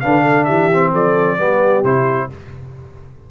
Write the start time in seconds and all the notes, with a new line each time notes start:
0.00 D3 D4 B4 F5
0.22 A4
0.45 E3 G4 E5
0.72 C4
0.92 F3 A4 D5
1.38 G3 B3 G4
1.83 C3 E4 C5